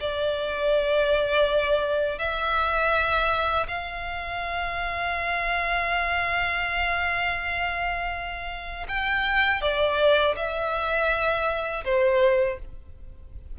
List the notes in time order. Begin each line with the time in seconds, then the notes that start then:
0.00 D5
2.19 E5
3.68 F5
8.88 G5
9.61 D5
10.36 E5
11.85 C5